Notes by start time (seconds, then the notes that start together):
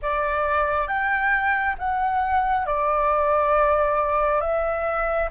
0.02 D5
0.87 G5
1.78 F#5
2.66 D5
4.40 E5